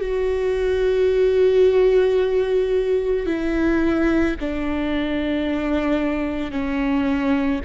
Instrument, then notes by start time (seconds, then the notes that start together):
viola
0.00 F#4
3.26 E4
4.40 D4
6.51 C#4